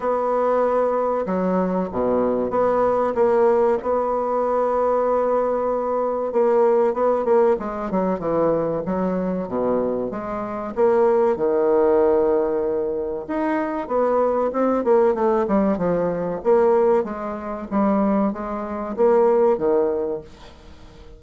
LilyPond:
\new Staff \with { instrumentName = "bassoon" } { \time 4/4 \tempo 4 = 95 b2 fis4 b,4 | b4 ais4 b2~ | b2 ais4 b8 ais8 | gis8 fis8 e4 fis4 b,4 |
gis4 ais4 dis2~ | dis4 dis'4 b4 c'8 ais8 | a8 g8 f4 ais4 gis4 | g4 gis4 ais4 dis4 | }